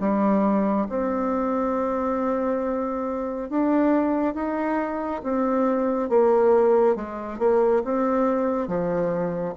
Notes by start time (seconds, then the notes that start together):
0.00 G3
0.89 C4
3.50 D4
4.35 D#4
5.23 C4
6.09 A#3
6.96 G#3
7.39 A#3
7.84 C4
8.68 F3